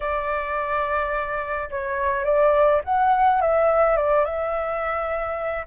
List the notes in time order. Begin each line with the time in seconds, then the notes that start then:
0.00 D5
1.70 C#5
2.24 D5
2.84 F#5
3.41 E5
3.96 D5
4.25 E5